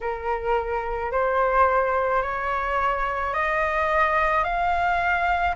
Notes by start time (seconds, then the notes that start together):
0.01 A#4
1.11 C5
2.22 C#5
3.33 D#5
4.43 F5